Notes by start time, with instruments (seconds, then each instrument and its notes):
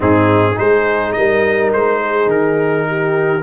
0.00 tuba G#2, trombone C4, horn D#4, trumpet G#4
0.54 tuba G#3, trombone D#4, horn G#4, trumpet C5
1.12 tuba G3, horn A#4, trumpet D#5
1.73 tuba G#3, trumpet C5
2.01 horn G#4
2.26 tuba D#3, trumpet A#4
2.87 horn G4